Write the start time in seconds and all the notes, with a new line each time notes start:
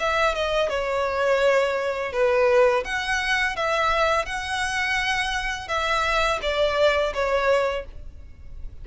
0.00 E5
0.35 D#5
0.70 C#5
2.13 B4
2.85 F#5
3.56 E5
4.26 F#5
5.69 E5
6.42 D5
7.14 C#5